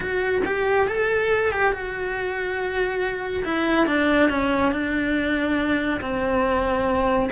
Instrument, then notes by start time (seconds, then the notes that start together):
cello
0.00 F#4
0.45 G4
0.87 A4
1.52 G4
1.72 F#4
3.44 E4
3.86 D4
4.29 C#4
4.71 D4
6.00 C4